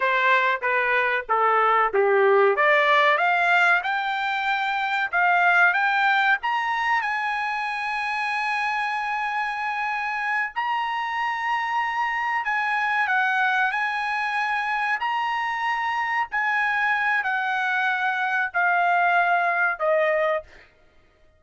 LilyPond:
\new Staff \with { instrumentName = "trumpet" } { \time 4/4 \tempo 4 = 94 c''4 b'4 a'4 g'4 | d''4 f''4 g''2 | f''4 g''4 ais''4 gis''4~ | gis''1~ |
gis''8 ais''2. gis''8~ | gis''8 fis''4 gis''2 ais''8~ | ais''4. gis''4. fis''4~ | fis''4 f''2 dis''4 | }